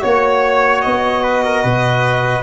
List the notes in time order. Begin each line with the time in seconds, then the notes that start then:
0.00 A#3 F#4 C#5
0.81 B3 D#5
1.23 B4
1.44 A#4
1.62 B2 B4